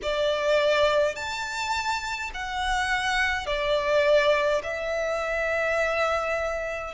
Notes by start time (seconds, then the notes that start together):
0.02 D5
1.15 A5
2.34 F#5
3.46 D5
4.63 E5